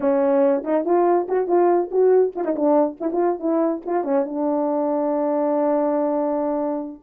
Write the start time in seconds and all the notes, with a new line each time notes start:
0.00 C#4
0.64 D#4
0.85 F4
1.28 F#4
1.47 F4
1.91 F#4
2.35 F4
2.44 D#4
2.55 D4
3.00 E4
3.12 F4
3.39 E4
3.85 F4
4.04 C#4
4.25 D4